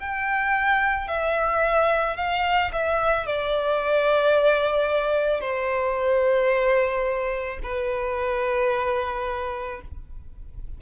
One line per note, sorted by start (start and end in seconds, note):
0.00 1.08 G5
1.08 2.17 E5
2.17 2.72 F5
2.73 3.27 E5
3.27 5.41 D5
5.41 7.59 C5
7.64 9.82 B4